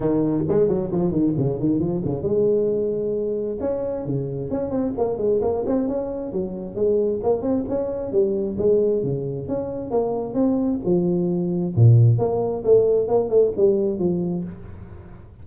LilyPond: \new Staff \with { instrumentName = "tuba" } { \time 4/4 \tempo 4 = 133 dis4 gis8 fis8 f8 dis8 cis8 dis8 | f8 cis8 gis2. | cis'4 cis4 cis'8 c'8 ais8 gis8 | ais8 c'8 cis'4 fis4 gis4 |
ais8 c'8 cis'4 g4 gis4 | cis4 cis'4 ais4 c'4 | f2 ais,4 ais4 | a4 ais8 a8 g4 f4 | }